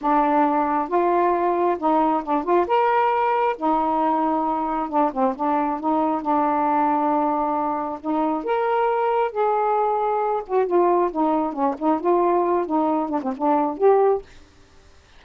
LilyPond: \new Staff \with { instrumentName = "saxophone" } { \time 4/4 \tempo 4 = 135 d'2 f'2 | dis'4 d'8 f'8 ais'2 | dis'2. d'8 c'8 | d'4 dis'4 d'2~ |
d'2 dis'4 ais'4~ | ais'4 gis'2~ gis'8 fis'8 | f'4 dis'4 cis'8 dis'8 f'4~ | f'8 dis'4 d'16 c'16 d'4 g'4 | }